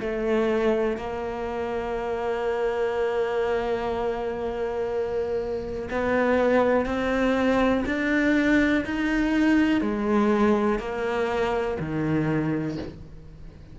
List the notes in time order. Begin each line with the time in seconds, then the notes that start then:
0.00 A3
0.97 A#3
5.90 B3
6.85 C4
7.86 D4
8.85 D#4
9.81 G#3
10.79 A#3
11.79 D#3